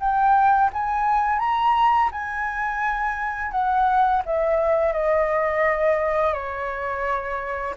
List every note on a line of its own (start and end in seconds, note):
0.00 0.71 G5
0.73 1.39 G#5
1.39 2.10 A#5
2.12 3.52 G#5
3.52 4.22 F#5
4.25 4.93 E5
4.93 6.33 D#5
6.33 7.75 C#5